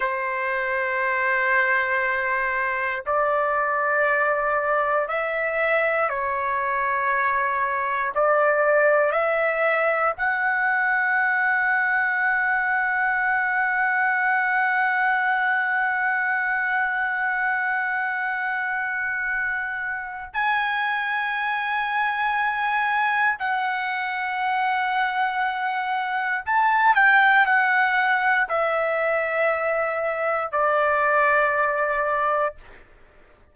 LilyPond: \new Staff \with { instrumentName = "trumpet" } { \time 4/4 \tempo 4 = 59 c''2. d''4~ | d''4 e''4 cis''2 | d''4 e''4 fis''2~ | fis''1~ |
fis''1 | gis''2. fis''4~ | fis''2 a''8 g''8 fis''4 | e''2 d''2 | }